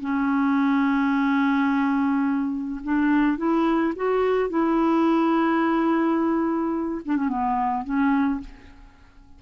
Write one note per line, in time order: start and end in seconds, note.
0.00 2.80 C#4
2.83 3.37 D4
3.37 3.93 E4
3.96 4.49 F#4
4.49 7.01 E4
7.05 7.16 D4
7.16 7.28 C#4
7.28 7.84 B3
7.84 8.40 C#4